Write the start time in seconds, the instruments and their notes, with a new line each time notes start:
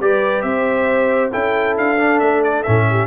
0.00 tuba G3, trombone G4, horn B4, trumpet D5
0.42 tuba C4, horn C5, trumpet E5
1.32 tuba C#4, trombone E4, horn A4, trumpet G5
1.78 tuba D4, trumpet F5
1.99 trombone D4
2.20 tuba A3, trumpet E5
2.44 trumpet D5
2.63 tuba A2, trombone C#4, trumpet E5
2.90 horn G4